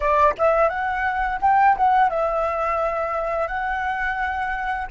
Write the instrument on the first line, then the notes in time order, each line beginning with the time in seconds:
flute
0.00 D5
0.38 E5
0.69 F#5
1.41 G5
1.76 F#5
2.10 E5
3.47 F#5